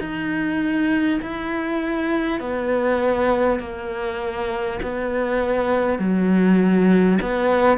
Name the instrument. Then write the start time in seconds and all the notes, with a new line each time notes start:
cello
0.00 D#4
1.21 E4
2.40 B3
3.59 A#3
4.82 B3
5.98 F#3
7.21 B3